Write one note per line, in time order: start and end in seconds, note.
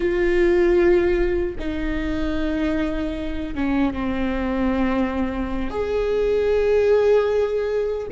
0.00 1.55 F4
1.59 3.54 D#4
3.54 3.93 C#4
3.93 5.70 C4
5.70 8.07 G#4